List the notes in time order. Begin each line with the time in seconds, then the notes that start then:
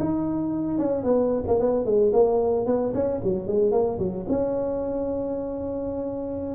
0.00 D#4
0.78 C#4
1.04 B3
1.47 A#3
1.60 B3
1.86 G#3
2.13 A#3
2.66 B3
2.94 C#4
3.24 F#3
3.47 G#3
3.72 A#3
3.99 F#3
4.29 C#4